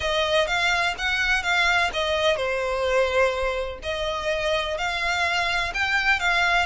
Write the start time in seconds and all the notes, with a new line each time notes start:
0.00 D#5
0.47 F5
0.98 F#5
1.43 F5
1.93 D#5
2.36 C5
3.82 D#5
4.77 F5
5.74 G5
6.19 F5